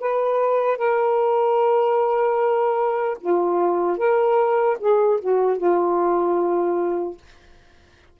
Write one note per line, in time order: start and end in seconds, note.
0.00 0.77 B4
0.77 3.17 A#4
3.21 3.97 F4
3.97 4.77 A#4
4.80 5.20 G#4
5.21 5.57 F#4
5.57 7.17 F4